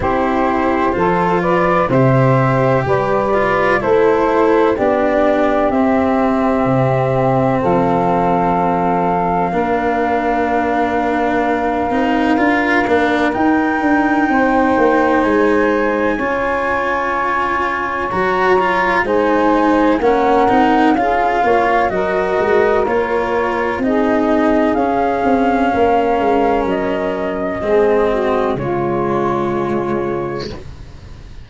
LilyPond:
<<
  \new Staff \with { instrumentName = "flute" } { \time 4/4 \tempo 4 = 63 c''4. d''8 e''4 d''4 | c''4 d''4 e''2 | f''1~ | f''2 g''2 |
gis''2. ais''4 | gis''4 fis''4 f''4 dis''4 | cis''4 dis''4 f''2 | dis''2 cis''2 | }
  \new Staff \with { instrumentName = "saxophone" } { \time 4/4 g'4 a'8 b'8 c''4 b'4 | a'4 g'2. | a'2 ais'2~ | ais'2. c''4~ |
c''4 cis''2. | c''4 ais'4 gis'8 cis''8 ais'4~ | ais'4 gis'2 ais'4~ | ais'4 gis'8 fis'8 f'2 | }
  \new Staff \with { instrumentName = "cello" } { \time 4/4 e'4 f'4 g'4. f'8 | e'4 d'4 c'2~ | c'2 d'2~ | d'8 dis'8 f'8 d'8 dis'2~ |
dis'4 f'2 fis'8 f'8 | dis'4 cis'8 dis'8 f'4 fis'4 | f'4 dis'4 cis'2~ | cis'4 c'4 gis2 | }
  \new Staff \with { instrumentName = "tuba" } { \time 4/4 c'4 f4 c4 g4 | a4 b4 c'4 c4 | f2 ais2~ | ais8 c'8 d'8 ais8 dis'8 d'8 c'8 ais8 |
gis4 cis'2 fis4 | gis4 ais8 c'8 cis'8 ais8 fis8 gis8 | ais4 c'4 cis'8 c'8 ais8 gis8 | fis4 gis4 cis2 | }
>>